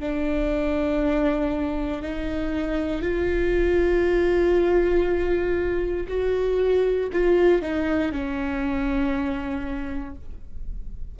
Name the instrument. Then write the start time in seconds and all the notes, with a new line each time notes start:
viola
0.00 D4
2.02 D#4
3.02 F4
6.08 F#4
7.12 F4
7.61 D#4
8.12 C#4